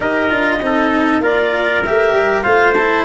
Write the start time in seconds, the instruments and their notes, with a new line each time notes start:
0.00 tuba D#4, cello G4, trumpet A#4, clarinet D#5
0.29 tuba D4, cello F4
0.60 tuba C4, cello D#4, trumpet A4
1.19 tuba A#3, cello F4, trumpet A#4, clarinet D5
1.84 tuba A3, cello G4, clarinet E5
2.12 tuba G3
2.42 tuba A3, cello F4, trumpet C5, clarinet F5
2.73 cello E4, clarinet A5